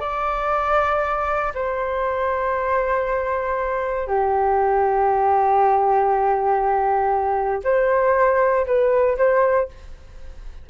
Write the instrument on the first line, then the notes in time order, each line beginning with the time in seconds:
flute
0.00 D5
1.54 C5
4.07 G4
7.64 C5
8.66 B4
9.17 C5